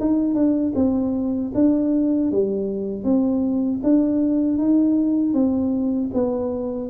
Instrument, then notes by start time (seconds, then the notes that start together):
tuba
0.00 D#4
0.34 D4
0.75 C4
1.54 D4
2.31 G3
3.03 C4
3.83 D4
4.58 D#4
5.33 C4
6.13 B3